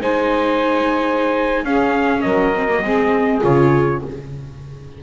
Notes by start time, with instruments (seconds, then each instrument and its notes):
0.00 double bass G#3, viola D#4, saxophone C5, trumpet G#5
1.63 double bass C#4, viola C#4, saxophone G#4, trumpet F5
2.21 double bass F#3, saxophone A#4, trumpet D#5
2.55 viola C4
2.68 viola A#3
2.82 double bass G#3, viola C4, saxophone G#4
3.41 double bass C#3, viola F4, trumpet C#5